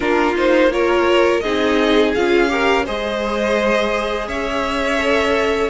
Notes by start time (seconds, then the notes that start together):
0.00 A#3 D4 F4 A#4
0.36 D#4 C5
0.70 F4 A#4 C#5
1.40 C4 D#4 G#4 D#5
2.14 C#4 F4 F5
2.48 G4 A#4
2.85 G#3 G#4 C5 D#5
4.27 C#4 C#5 E5
4.99 A4